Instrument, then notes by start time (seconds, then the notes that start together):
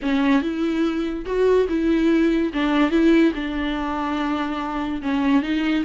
viola
0.02 C#4
0.41 E4
1.25 F#4
1.69 E4
2.53 D4
2.90 E4
3.34 D4
5.02 C#4
5.42 D#4